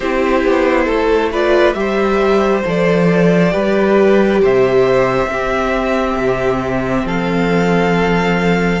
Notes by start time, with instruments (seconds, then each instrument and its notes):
0.00 cello C4, viola E4, violin G4 C5
0.44 cello B3
0.85 cello A3, violin A4
1.31 viola F4, violin B4 D5
1.73 cello G3, viola G4, violin C5 E5
2.65 cello F3, viola A4, violin D5
3.51 cello G3, viola G4, violin B4
4.42 cello C3, violin C5 E5
5.25 cello C4, viola C4, violin G4
6.15 cello C3
7.04 cello F3, violin A4 F5